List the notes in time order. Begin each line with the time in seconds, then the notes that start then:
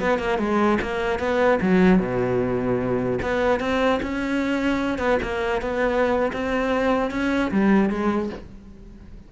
0.00 B3
0.19 A#3
0.39 G#3
0.82 A#3
1.19 B3
1.62 F#3
1.99 B2
3.22 B3
3.60 C4
4.03 C#4
4.99 B3
5.23 A#3
5.62 B3
6.33 C4
7.11 C#4
7.51 G3
7.90 G#3